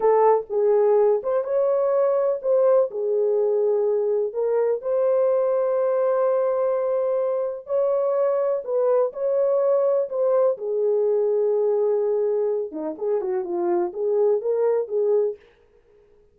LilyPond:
\new Staff \with { instrumentName = "horn" } { \time 4/4 \tempo 4 = 125 a'4 gis'4. c''8 cis''4~ | cis''4 c''4 gis'2~ | gis'4 ais'4 c''2~ | c''1 |
cis''2 b'4 cis''4~ | cis''4 c''4 gis'2~ | gis'2~ gis'8 dis'8 gis'8 fis'8 | f'4 gis'4 ais'4 gis'4 | }